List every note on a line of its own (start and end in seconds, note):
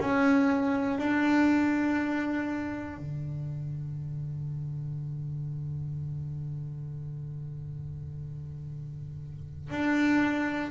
0.00 0.99 C#4
0.99 2.98 D4
2.98 9.71 D3
9.71 10.71 D4